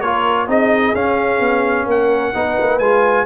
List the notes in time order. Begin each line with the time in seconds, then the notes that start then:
0.00 A#3 F4 A#4 C#5
0.48 C4 D#4 G#4 D#5
0.95 C#4 F5
1.40 B3
1.86 A#3 F#5
1.93 A#4
2.34 B3 D#4 B4
2.60 A#3
2.79 G#3 F4 G#5